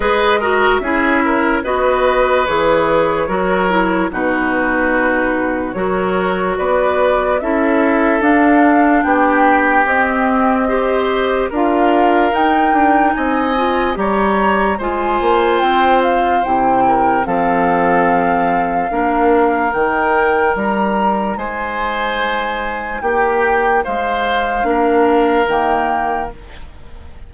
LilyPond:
<<
  \new Staff \with { instrumentName = "flute" } { \time 4/4 \tempo 4 = 73 dis''4 e''4 dis''4 cis''4~ | cis''4 b'2 cis''4 | d''4 e''4 f''4 g''4 | dis''2 f''4 g''4 |
gis''4 ais''4 gis''4 g''8 f''8 | g''4 f''2. | g''4 ais''4 gis''2 | g''4 f''2 g''4 | }
  \new Staff \with { instrumentName = "oboe" } { \time 4/4 b'8 ais'8 gis'8 ais'8 b'2 | ais'4 fis'2 ais'4 | b'4 a'2 g'4~ | g'4 c''4 ais'2 |
dis''4 cis''4 c''2~ | c''8 ais'8 a'2 ais'4~ | ais'2 c''2 | g'4 c''4 ais'2 | }
  \new Staff \with { instrumentName = "clarinet" } { \time 4/4 gis'8 fis'8 e'4 fis'4 gis'4 | fis'8 e'8 dis'2 fis'4~ | fis'4 e'4 d'2 | c'4 g'4 f'4 dis'4~ |
dis'8 f'8 g'4 f'2 | e'4 c'2 d'4 | dis'1~ | dis'2 d'4 ais4 | }
  \new Staff \with { instrumentName = "bassoon" } { \time 4/4 gis4 cis'4 b4 e4 | fis4 b,2 fis4 | b4 cis'4 d'4 b4 | c'2 d'4 dis'8 d'8 |
c'4 g4 gis8 ais8 c'4 | c4 f2 ais4 | dis4 g4 gis2 | ais4 gis4 ais4 dis4 | }
>>